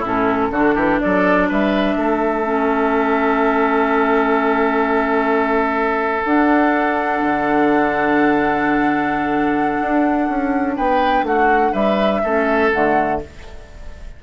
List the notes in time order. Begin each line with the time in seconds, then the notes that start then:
0.00 A2 C#4 E4
0.06 A4
0.51 D3 D4 F#4
0.76 E3 G4
1.01 F#3 A4 D5
1.49 G3 B4 E5
1.96 A3 A4
2.44 C#4
6.25 D4 F#5
7.22 D3
9.81 D4
10.29 C#4
10.77 B3 B4 G5
11.23 A3 F#4 F#5
11.73 G3 B4 E5
12.24 A3 C#4 A4
12.73 D3 A3 F#5